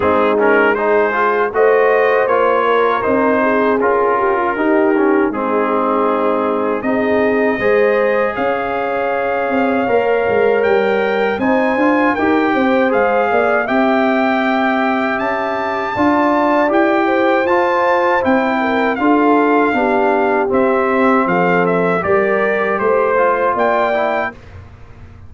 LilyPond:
<<
  \new Staff \with { instrumentName = "trumpet" } { \time 4/4 \tempo 4 = 79 gis'8 ais'8 c''4 dis''4 cis''4 | c''4 ais'2 gis'4~ | gis'4 dis''2 f''4~ | f''2 g''4 gis''4 |
g''4 f''4 g''2 | a''2 g''4 a''4 | g''4 f''2 e''4 | f''8 e''8 d''4 c''4 g''4 | }
  \new Staff \with { instrumentName = "horn" } { \time 4/4 dis'4 gis'4 c''4. ais'8~ | ais'8 gis'4 g'16 f'16 g'4 dis'4~ | dis'4 gis'4 c''4 cis''4~ | cis''2. c''4 |
ais'8 c''4 d''8 e''2~ | e''4 d''4. c''4.~ | c''8 ais'8 a'4 g'2 | a'4 ais'4 c''4 d''4 | }
  \new Staff \with { instrumentName = "trombone" } { \time 4/4 c'8 cis'8 dis'8 f'8 fis'4 f'4 | dis'4 f'4 dis'8 cis'8 c'4~ | c'4 dis'4 gis'2~ | gis'4 ais'2 dis'8 f'8 |
g'4 gis'4 g'2~ | g'4 f'4 g'4 f'4 | e'4 f'4 d'4 c'4~ | c'4 g'4. f'4 e'8 | }
  \new Staff \with { instrumentName = "tuba" } { \time 4/4 gis2 a4 ais4 | c'4 cis'4 dis'4 gis4~ | gis4 c'4 gis4 cis'4~ | cis'8 c'8 ais8 gis8 g4 c'8 d'8 |
dis'8 c'8 gis8 ais8 c'2 | cis'4 d'4 e'4 f'4 | c'4 d'4 b4 c'4 | f4 g4 a4 ais4 | }
>>